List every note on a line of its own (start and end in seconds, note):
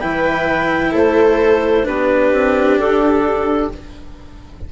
0.00 0.95 E3
0.00 1.84 E4
0.00 0.92 B4
0.00 0.93 G5
0.92 1.87 A3
0.92 1.84 A4
0.92 1.87 C5
1.84 2.33 B3
1.84 3.68 D4
1.84 3.73 G4
1.84 2.79 B4
2.33 2.79 C4
2.79 3.72 D4
2.79 3.72 A4